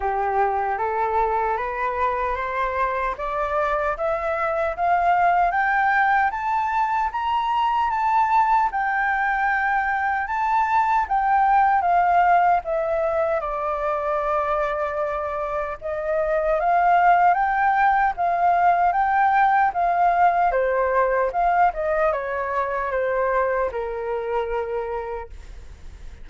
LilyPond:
\new Staff \with { instrumentName = "flute" } { \time 4/4 \tempo 4 = 76 g'4 a'4 b'4 c''4 | d''4 e''4 f''4 g''4 | a''4 ais''4 a''4 g''4~ | g''4 a''4 g''4 f''4 |
e''4 d''2. | dis''4 f''4 g''4 f''4 | g''4 f''4 c''4 f''8 dis''8 | cis''4 c''4 ais'2 | }